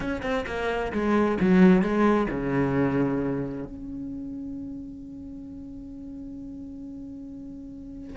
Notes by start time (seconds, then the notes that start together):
0.00 C#4
0.22 C4
0.46 A#3
0.92 G#3
1.40 F#3
1.82 G#3
2.30 C#3
3.65 C#4